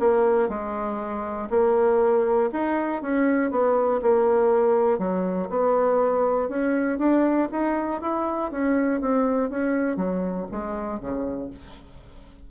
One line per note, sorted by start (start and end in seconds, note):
0.00 0.49 A#3
0.49 1.49 G#3
1.50 2.50 A#3
2.53 3.02 D#4
3.02 3.51 C#4
3.51 4.01 B3
4.02 4.99 A#3
4.99 5.49 F#3
5.50 6.49 B3
6.49 6.99 C#4
6.99 7.49 D4
7.52 8.01 D#4
8.01 8.51 E4
8.52 9.01 C#4
9.01 9.50 C4
9.50 9.97 C#4
9.97 10.47 F#3
10.52 11.00 G#3
11.00 11.50 C#3